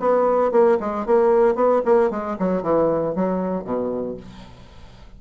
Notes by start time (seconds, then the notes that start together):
0.00 B3
0.52 A#3
0.80 G#3
1.06 A#3
1.56 B3
1.86 A#3
2.11 G#3
2.40 F#3
2.63 E3
3.16 F#3
3.65 B2